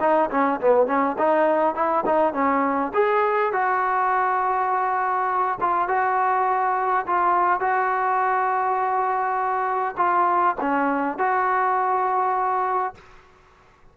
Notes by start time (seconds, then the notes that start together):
0.00 D#4
0.30 C#4
0.60 B3
0.87 C#4
1.18 D#4
1.75 E4
2.06 D#4
2.33 C#4
2.94 G#4
3.52 F#4
5.60 F4
5.88 F#4
7.07 F4
7.60 F#4
9.97 F4
10.60 C#4
11.18 F#4